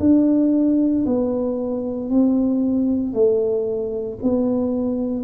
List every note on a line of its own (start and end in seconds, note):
0.00 1.05 D4
1.06 2.10 B3
2.10 3.13 C4
3.13 4.19 A3
4.23 5.24 B3